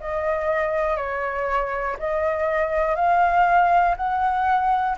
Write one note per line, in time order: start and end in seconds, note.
0.00 0.96 D#5
0.96 1.96 C#5
1.99 2.95 D#5
2.95 3.95 F5
3.97 4.97 F#5